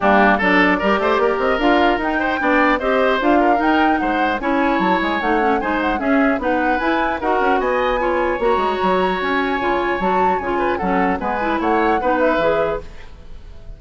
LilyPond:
<<
  \new Staff \with { instrumentName = "flute" } { \time 4/4 \tempo 4 = 150 g'4 d''2~ d''8 dis''8 | f''4 g''2 dis''4 | f''4 g''4 fis''4 gis''4 | a''8 gis''8 fis''4 gis''8 fis''8 e''4 |
fis''4 gis''4 fis''4 gis''4~ | gis''4 ais''2 gis''4~ | gis''4 a''4 gis''4 fis''4 | gis''4 fis''4. e''4. | }
  \new Staff \with { instrumentName = "oboe" } { \time 4/4 d'4 a'4 ais'8 c''8 ais'4~ | ais'4. c''8 d''4 c''4~ | c''8 ais'4. c''4 cis''4~ | cis''2 c''4 gis'4 |
b'2 ais'4 dis''4 | cis''1~ | cis''2~ cis''8 b'8 a'4 | b'4 cis''4 b'2 | }
  \new Staff \with { instrumentName = "clarinet" } { \time 4/4 ais4 d'4 g'2 | f'4 dis'4 d'4 g'4 | f'4 dis'2 e'4~ | e'4 dis'8 cis'8 dis'4 cis'4 |
dis'4 e'4 fis'2 | f'4 fis'2. | f'4 fis'4 f'4 cis'4 | b8 e'4. dis'4 gis'4 | }
  \new Staff \with { instrumentName = "bassoon" } { \time 4/4 g4 fis4 g8 a8 ais8 c'8 | d'4 dis'4 b4 c'4 | d'4 dis'4 gis4 cis'4 | fis8 gis8 a4 gis4 cis'4 |
b4 e'4 dis'8 cis'8 b4~ | b4 ais8 gis8 fis4 cis'4 | cis4 fis4 cis4 fis4 | gis4 a4 b4 e4 | }
>>